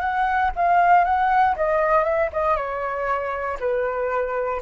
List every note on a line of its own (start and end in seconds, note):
0.00 0.51 F#5
0.56 1.05 F5
1.05 1.56 F#5
1.56 2.04 D#5
2.04 2.30 E5
2.33 2.56 D#5
2.56 3.58 C#5
3.60 4.62 B4